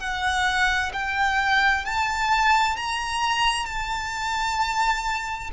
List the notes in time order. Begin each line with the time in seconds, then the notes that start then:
0.00 F#5
0.94 G5
1.86 A5
2.77 A#5
3.66 A5